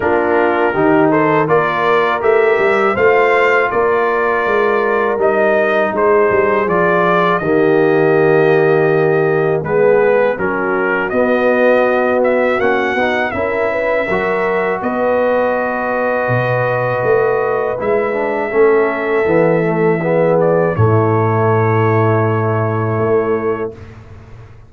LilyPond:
<<
  \new Staff \with { instrumentName = "trumpet" } { \time 4/4 \tempo 4 = 81 ais'4. c''8 d''4 e''4 | f''4 d''2 dis''4 | c''4 d''4 dis''2~ | dis''4 b'4 ais'4 dis''4~ |
dis''8 e''8 fis''4 e''2 | dis''1 | e''2.~ e''8 d''8 | cis''1 | }
  \new Staff \with { instrumentName = "horn" } { \time 4/4 f'4 g'8 a'8 ais'2 | c''4 ais'2. | gis'2 g'2~ | g'4 gis'4 fis'2~ |
fis'2 ais'8 b'8 ais'4 | b'1~ | b'4 a'2 gis'4 | e'1 | }
  \new Staff \with { instrumentName = "trombone" } { \time 4/4 d'4 dis'4 f'4 g'4 | f'2. dis'4~ | dis'4 f'4 ais2~ | ais4 b4 cis'4 b4~ |
b4 cis'8 dis'8 e'4 fis'4~ | fis'1 | e'8 d'8 cis'4 b8 a8 b4 | a1 | }
  \new Staff \with { instrumentName = "tuba" } { \time 4/4 ais4 dis4 ais4 a8 g8 | a4 ais4 gis4 g4 | gis8 g8 f4 dis2~ | dis4 gis4 fis4 b4~ |
b4 ais8 b8 cis'4 fis4 | b2 b,4 a4 | gis4 a4 e2 | a,2. a4 | }
>>